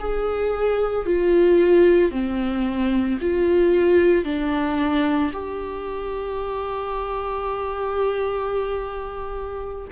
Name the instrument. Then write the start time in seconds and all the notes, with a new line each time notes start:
viola
0.00 G#4
1.06 F4
2.11 C4
3.21 F4
4.25 D4
5.33 G4